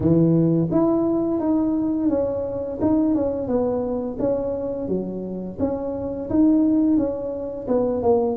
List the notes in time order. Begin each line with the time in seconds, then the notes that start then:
0.00 E3
0.71 E4
1.40 D#4
2.09 C#4
2.81 D#4
3.14 C#4
3.47 B3
4.19 C#4
4.88 F#3
5.59 C#4
6.29 D#4
6.97 C#4
7.67 B3
8.02 A#3